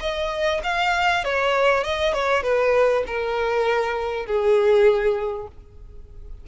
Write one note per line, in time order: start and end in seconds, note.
0.00 0.61 D#5
0.63 1.24 F5
1.24 1.83 C#5
1.83 2.13 D#5
2.13 2.43 C#5
2.43 3.04 B4
3.06 4.26 A#4
4.26 5.47 G#4